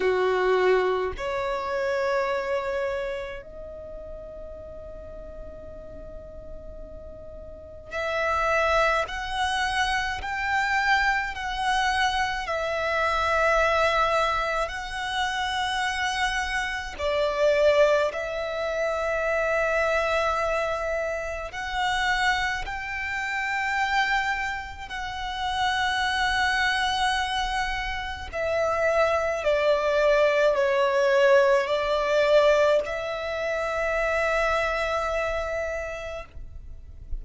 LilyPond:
\new Staff \with { instrumentName = "violin" } { \time 4/4 \tempo 4 = 53 fis'4 cis''2 dis''4~ | dis''2. e''4 | fis''4 g''4 fis''4 e''4~ | e''4 fis''2 d''4 |
e''2. fis''4 | g''2 fis''2~ | fis''4 e''4 d''4 cis''4 | d''4 e''2. | }